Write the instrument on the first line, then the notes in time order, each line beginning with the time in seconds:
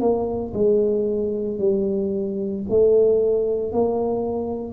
tuba
0.00 A#3
0.54 G#3
1.59 G3
2.69 A3
3.72 A#3